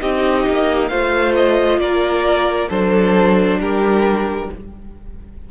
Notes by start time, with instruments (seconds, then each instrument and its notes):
0.00 cello C4, viola D#4, violin G4 D#5
0.48 cello A#3
0.88 cello A3, viola F4, violin C5 F5
1.36 violin D#5
1.78 cello A#3, violin A#4 D5
2.69 cello F#3, viola D4, violin A4 C5
3.60 cello G3, violin G4 A#4